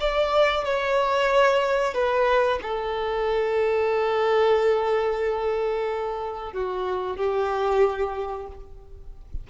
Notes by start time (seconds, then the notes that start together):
0.00 D5
0.65 C#5
1.94 B4
2.62 A4
6.53 F#4
7.17 G4